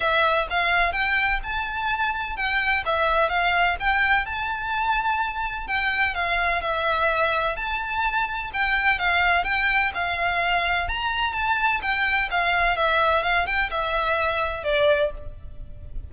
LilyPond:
\new Staff \with { instrumentName = "violin" } { \time 4/4 \tempo 4 = 127 e''4 f''4 g''4 a''4~ | a''4 g''4 e''4 f''4 | g''4 a''2. | g''4 f''4 e''2 |
a''2 g''4 f''4 | g''4 f''2 ais''4 | a''4 g''4 f''4 e''4 | f''8 g''8 e''2 d''4 | }